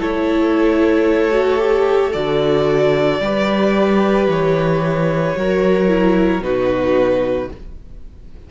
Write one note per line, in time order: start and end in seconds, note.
0.00 2.15 A3
0.00 1.32 E4
0.00 3.21 A4
0.00 2.13 C#5
1.32 1.58 F#4
1.58 2.12 G4
2.13 3.20 D3
2.13 3.21 F#4
2.13 4.27 D5
3.20 4.27 G3
3.20 5.37 G4
3.20 5.39 B4
4.27 5.35 E3
4.27 6.43 C#5
5.37 6.41 F#3
5.37 5.89 F#4
5.37 6.44 A#4
5.89 6.42 E4
6.41 7.48 B2
6.41 7.50 D#4
6.41 7.51 F#4
6.41 7.50 B4